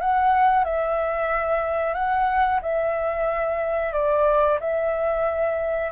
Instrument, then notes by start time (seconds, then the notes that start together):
flute
0.00 F#5
0.64 E5
1.94 F#5
2.62 E5
3.93 D5
4.60 E5